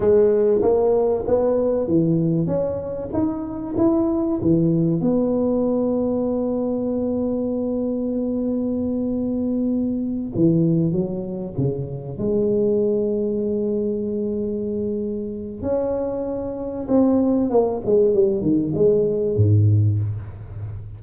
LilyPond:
\new Staff \with { instrumentName = "tuba" } { \time 4/4 \tempo 4 = 96 gis4 ais4 b4 e4 | cis'4 dis'4 e'4 e4 | b1~ | b1~ |
b8 e4 fis4 cis4 gis8~ | gis1~ | gis4 cis'2 c'4 | ais8 gis8 g8 dis8 gis4 gis,4 | }